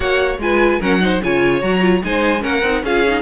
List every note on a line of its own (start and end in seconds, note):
0.00 0.38 A#3
0.00 0.39 F#4
0.00 0.41 C#5
0.00 0.38 F#5
0.38 0.78 G#3
0.38 0.81 F4
0.38 0.79 B4
0.38 0.81 G#5
0.79 1.21 F#3
0.79 0.99 C#4
0.79 0.99 A#4
0.79 1.22 F#5
0.99 1.20 D#4
0.99 1.22 C5
1.22 1.62 C#3
1.22 1.61 F4
1.22 2.03 C#5
1.22 1.61 G#5
1.61 2.02 F#3
1.61 1.80 F#4
1.61 2.01 A#5
1.80 2.01 F4
2.03 2.44 G#3
2.03 2.40 D#4
2.03 2.42 C5
2.03 2.43 G#5
2.40 2.62 A#3
2.40 2.60 C#4
2.40 2.82 A#4
2.40 2.83 F#5
2.62 2.82 C4
2.62 2.85 D#4
2.82 3.22 C#4
2.82 3.06 F4
2.82 3.22 G#4
2.82 3.22 F5
3.06 3.22 D#4